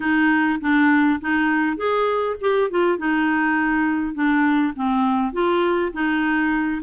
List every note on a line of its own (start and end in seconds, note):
0.00 0.59 D#4
0.60 1.20 D4
1.20 1.76 D#4
1.76 2.36 G#4
2.40 2.70 G4
2.70 2.98 F4
2.98 4.14 D#4
4.14 4.73 D4
4.75 5.32 C4
5.32 5.92 F4
5.92 6.82 D#4